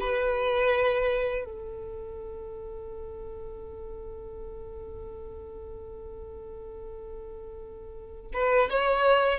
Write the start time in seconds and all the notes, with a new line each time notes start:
0.00 B4
1.45 A4
8.33 B4
8.70 C#5